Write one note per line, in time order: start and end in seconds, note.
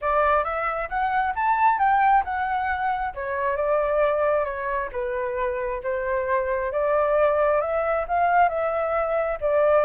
0.01 0.44 D5
0.44 0.88 E5
0.89 1.34 F#5
1.35 1.78 A5
1.78 2.23 G5
2.24 3.13 F#5
3.14 3.56 C#5
3.56 4.44 D5
4.44 4.89 C#5
4.92 5.81 B4
5.83 6.72 C5
6.72 7.60 D5
7.60 8.05 E5
8.07 8.49 F5
8.49 9.38 E5
9.41 9.84 D5